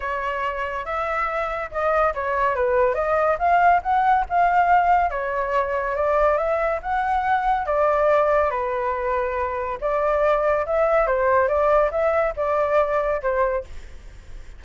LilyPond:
\new Staff \with { instrumentName = "flute" } { \time 4/4 \tempo 4 = 141 cis''2 e''2 | dis''4 cis''4 b'4 dis''4 | f''4 fis''4 f''2 | cis''2 d''4 e''4 |
fis''2 d''2 | b'2. d''4~ | d''4 e''4 c''4 d''4 | e''4 d''2 c''4 | }